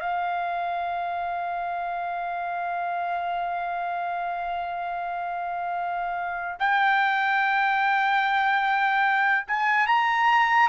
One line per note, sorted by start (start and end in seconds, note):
0.00 6.58 F5
6.59 9.47 G5
9.47 9.86 G#5
9.86 10.68 A#5